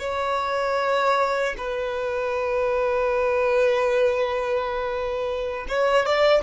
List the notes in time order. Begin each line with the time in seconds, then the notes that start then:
0.00 C#5
1.58 B4
5.69 C#5
6.06 D5